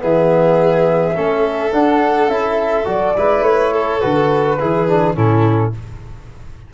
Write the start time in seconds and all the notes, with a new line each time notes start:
0.00 E3 B3 G#4 E5
1.15 A3 C#4 A4
1.73 D4 F#5
2.28 C#4 E4 E5
2.85 F#3 F#4 D5
3.17 G#3 E4 B4
3.41 A3 C#5
3.73 A4
4.01 D3 F#4 B4
4.60 E3 E4 G#4
4.88 D4
5.15 A2 C#4 E4 A4